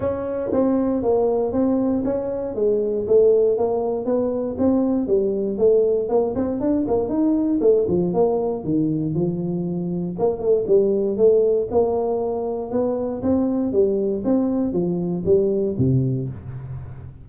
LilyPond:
\new Staff \with { instrumentName = "tuba" } { \time 4/4 \tempo 4 = 118 cis'4 c'4 ais4 c'4 | cis'4 gis4 a4 ais4 | b4 c'4 g4 a4 | ais8 c'8 d'8 ais8 dis'4 a8 f8 |
ais4 dis4 f2 | ais8 a8 g4 a4 ais4~ | ais4 b4 c'4 g4 | c'4 f4 g4 c4 | }